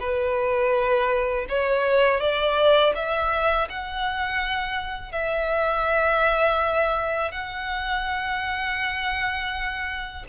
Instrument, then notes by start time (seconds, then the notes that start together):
violin
0.00 B4
1.49 C#5
2.21 D5
2.95 E5
3.70 F#5
5.12 E5
7.32 F#5